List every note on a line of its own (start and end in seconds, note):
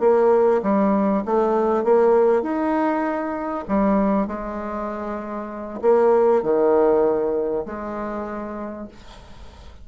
0.00 0.61 A#3
0.63 1.24 G3
1.25 1.84 A3
1.84 2.42 A#3
2.42 3.65 D#4
3.68 4.27 G3
4.27 5.80 G#3
5.82 6.43 A#3
6.43 7.66 D#3
7.66 8.88 G#3